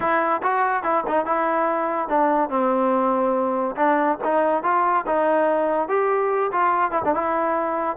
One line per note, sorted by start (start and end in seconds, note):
0.00 0.41 E4
0.42 0.83 F#4
0.83 1.04 E4
1.07 1.25 D#4
1.25 2.08 E4
2.08 2.49 D4
2.49 3.75 C4
3.76 4.17 D4
4.24 4.63 D#4
4.63 5.05 F4
5.06 5.88 D#4
5.88 6.51 G4
6.51 6.91 F4
6.91 7.01 E4
7.05 7.14 D4
7.14 7.96 E4